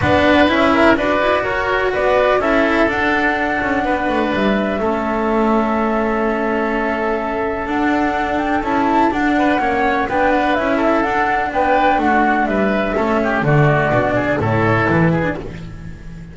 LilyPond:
<<
  \new Staff \with { instrumentName = "flute" } { \time 4/4 \tempo 4 = 125 fis''4 e''4 d''4 cis''4 | d''4 e''4 fis''2~ | fis''4 e''2.~ | e''1 |
fis''4. g''8 a''4 fis''4~ | fis''4 g''8 fis''8 e''4 fis''4 | g''4 fis''4 e''2 | d''2 cis''4 b'4 | }
  \new Staff \with { instrumentName = "oboe" } { \time 4/4 b'4. ais'8 b'4 ais'4 | b'4 a'2. | b'2 a'2~ | a'1~ |
a'2.~ a'8 b'8 | cis''4 b'4. a'4. | b'4 fis'4 b'4 a'8 g'8 | fis'4. gis'8 a'4. gis'8 | }
  \new Staff \with { instrumentName = "cello" } { \time 4/4 d'4 e'4 fis'2~ | fis'4 e'4 d'2~ | d'2 cis'2~ | cis'1 |
d'2 e'4 d'4 | cis'4 d'4 e'4 d'4~ | d'2. cis'4 | a4 d'4 e'4.~ e'16 d'16 | }
  \new Staff \with { instrumentName = "double bass" } { \time 4/4 b4 cis'4 d'8 e'8 fis'4 | b4 cis'4 d'4. cis'8 | b8 a8 g4 a2~ | a1 |
d'2 cis'4 d'4 | ais4 b4 cis'4 d'4 | b4 a4 g4 a4 | d4 b,4 a,4 e4 | }
>>